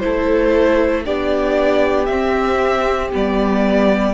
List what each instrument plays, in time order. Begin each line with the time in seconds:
0.00 cello A3, viola E4, violin A4 C5
1.05 cello B3, viola D4, violin G4 D5
2.06 cello C4, viola C4, violin E5
3.12 cello G3, viola B3, violin D5